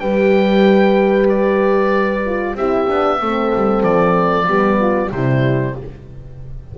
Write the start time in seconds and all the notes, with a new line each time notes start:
0.00 G3 G4 B4 G5
1.29 D5
2.26 F4
2.55 C4 E4 G4 E5
2.88 B3 D4
3.20 A3 C4 A4
3.55 G3
3.83 F3 D5
4.47 G3 B3 G4
4.81 F4
5.12 C3 G3 E4 C5